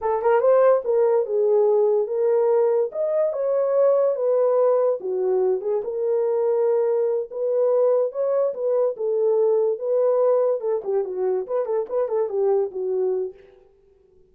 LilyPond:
\new Staff \with { instrumentName = "horn" } { \time 4/4 \tempo 4 = 144 a'8 ais'8 c''4 ais'4 gis'4~ | gis'4 ais'2 dis''4 | cis''2 b'2 | fis'4. gis'8 ais'2~ |
ais'4. b'2 cis''8~ | cis''8 b'4 a'2 b'8~ | b'4. a'8 g'8 fis'4 b'8 | a'8 b'8 a'8 g'4 fis'4. | }